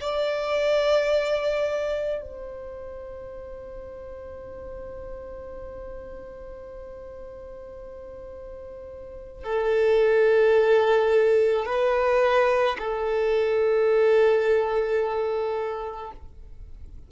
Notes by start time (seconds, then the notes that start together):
0.00 D5
2.21 C5
9.43 A4
11.65 B4
12.78 A4